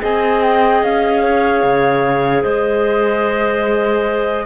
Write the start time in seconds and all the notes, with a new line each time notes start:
0.00 C4 G#4 D#5 G#5
0.43 G5
0.83 C#4 F5
1.23 C#5
1.63 C#3
2.43 G#3 C5 D#5